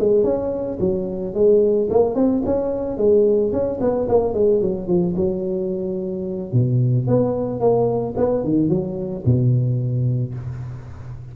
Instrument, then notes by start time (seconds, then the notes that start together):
tuba
0.00 G#3
0.24 C#4
0.81 F#3
1.35 G#3
1.91 A#3
2.16 C4
2.46 C#4
2.98 G#3
3.53 C#4
3.81 B3
4.09 A#3
4.34 G#3
4.62 F#3
4.88 F3
5.17 F#3
6.53 B2
7.08 B3
7.61 A#3
8.17 B3
8.44 D#3
8.70 F#3
9.26 B2